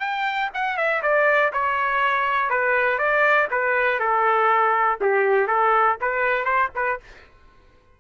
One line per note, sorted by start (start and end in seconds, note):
0.00 0.50 G5
0.54 0.77 F#5
0.77 1.02 E5
1.03 1.52 D5
1.53 2.50 C#5
2.50 2.98 B4
2.98 3.48 D5
3.51 4.00 B4
4.00 4.99 A4
5.01 5.47 G4
5.47 5.97 A4
6.01 6.45 B4
6.45 6.70 C5
6.75 7.00 B4